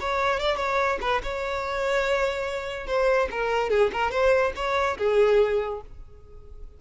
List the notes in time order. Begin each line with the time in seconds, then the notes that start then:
0.00 C#5
0.39 D5
0.56 C#5
1.01 B4
1.22 C#5
2.87 C5
3.30 A#4
3.70 G#4
3.92 A#4
4.10 C5
4.55 C#5
4.97 G#4